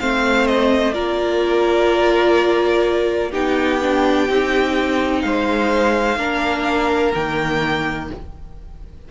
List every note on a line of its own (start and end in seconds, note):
0.00 0.96 A3
0.00 0.93 C4
0.00 0.94 C5
0.00 0.48 F5
0.48 0.94 D#5
0.93 3.34 A#3
0.93 3.32 F4
0.93 3.31 A#4
0.93 3.32 D5
3.31 4.29 B3
3.31 3.81 D#4
3.31 5.21 G4
3.31 5.22 G5
3.82 4.29 D4
4.29 5.24 C4
4.29 6.19 D#4
5.22 6.18 G#3
5.22 6.18 C5
5.22 7.12 F5
6.18 7.13 A#3
6.18 7.14 D4
6.18 8.09 A#4
7.15 8.11 D#3
7.15 8.12 A#3
7.15 8.10 G5